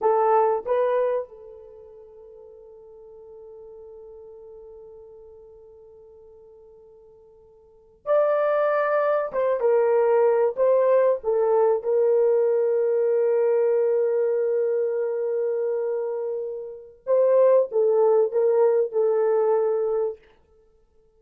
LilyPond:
\new Staff \with { instrumentName = "horn" } { \time 4/4 \tempo 4 = 95 a'4 b'4 a'2~ | a'1~ | a'1~ | a'8. d''2 c''8 ais'8.~ |
ais'8. c''4 a'4 ais'4~ ais'16~ | ais'1~ | ais'2. c''4 | a'4 ais'4 a'2 | }